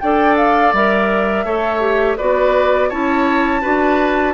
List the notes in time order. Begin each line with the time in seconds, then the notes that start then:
0.00 D4 A4 D5 G5
0.37 F5
0.73 G3 A#4 E5
1.44 A3 A4 C#5
1.81 G4
2.18 B3 F#4 B4 D5
2.89 C#4 E4 C#5 A5
3.62 D4 F#4 B4